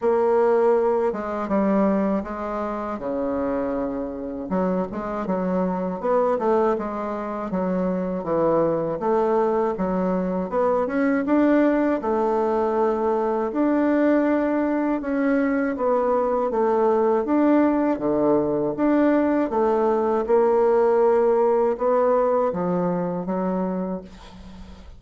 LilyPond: \new Staff \with { instrumentName = "bassoon" } { \time 4/4 \tempo 4 = 80 ais4. gis8 g4 gis4 | cis2 fis8 gis8 fis4 | b8 a8 gis4 fis4 e4 | a4 fis4 b8 cis'8 d'4 |
a2 d'2 | cis'4 b4 a4 d'4 | d4 d'4 a4 ais4~ | ais4 b4 f4 fis4 | }